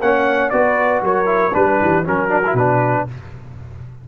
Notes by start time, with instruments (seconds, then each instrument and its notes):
0.00 tuba A#3, trombone C#4, horn C#5, trumpet F#5
0.50 tuba B3, trombone F#4, horn B4, trumpet D5
1.02 tuba F#3, horn A#4, trumpet C#5
1.25 trombone E4
1.53 tuba G3, trombone D4, trumpet B4, horn B4
1.81 tuba E3, horn G4
2.03 tuba F#3, trombone C#4, horn F#4, trumpet A#4
2.28 trombone D4
2.46 trombone E4
2.53 tuba B2, trombone D4, trumpet B4